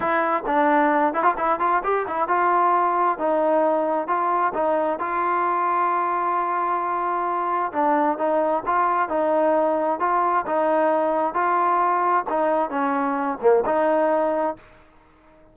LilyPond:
\new Staff \with { instrumentName = "trombone" } { \time 4/4 \tempo 4 = 132 e'4 d'4. e'16 f'16 e'8 f'8 | g'8 e'8 f'2 dis'4~ | dis'4 f'4 dis'4 f'4~ | f'1~ |
f'4 d'4 dis'4 f'4 | dis'2 f'4 dis'4~ | dis'4 f'2 dis'4 | cis'4. ais8 dis'2 | }